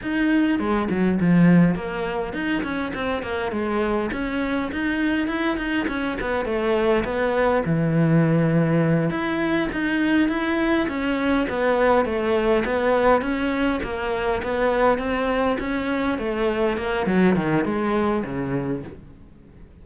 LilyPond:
\new Staff \with { instrumentName = "cello" } { \time 4/4 \tempo 4 = 102 dis'4 gis8 fis8 f4 ais4 | dis'8 cis'8 c'8 ais8 gis4 cis'4 | dis'4 e'8 dis'8 cis'8 b8 a4 | b4 e2~ e8 e'8~ |
e'8 dis'4 e'4 cis'4 b8~ | b8 a4 b4 cis'4 ais8~ | ais8 b4 c'4 cis'4 a8~ | a8 ais8 fis8 dis8 gis4 cis4 | }